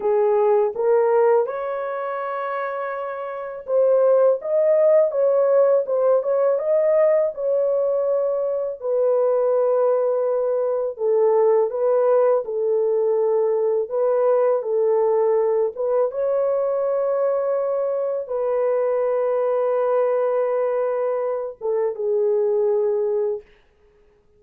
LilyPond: \new Staff \with { instrumentName = "horn" } { \time 4/4 \tempo 4 = 82 gis'4 ais'4 cis''2~ | cis''4 c''4 dis''4 cis''4 | c''8 cis''8 dis''4 cis''2 | b'2. a'4 |
b'4 a'2 b'4 | a'4. b'8 cis''2~ | cis''4 b'2.~ | b'4. a'8 gis'2 | }